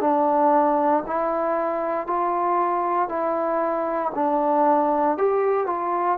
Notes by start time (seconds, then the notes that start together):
0.00 D4
1.06 E4
2.06 F4
3.08 E4
4.15 D4
5.17 G4
5.66 F4